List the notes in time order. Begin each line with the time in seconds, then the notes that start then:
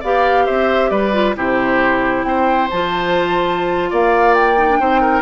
0.00 B3 G4 D5 F5
0.46 C4 C5 E5
0.90 G3 B4 D5
1.13 F4
1.36 C3 E4 G4 C5
2.23 C4 C5 G5
2.70 F3 F4 A5
3.90 A#3 D5 F5
4.34 G5
4.57 D#4
4.69 D4
4.79 C4 D#4 C5
5.01 A#4